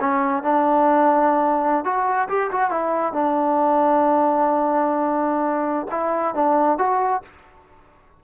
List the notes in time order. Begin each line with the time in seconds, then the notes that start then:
0.00 C#4
0.43 D4
1.84 F#4
2.29 G4
2.51 F#4
2.71 E4
3.13 D4
5.91 E4
6.34 D4
6.78 F#4